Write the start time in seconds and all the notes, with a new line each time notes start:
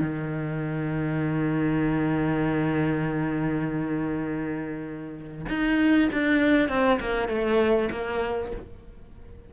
0.00 D#3
5.48 D#4
6.12 D4
6.68 C4
7.00 A#3
7.28 A3
7.91 A#3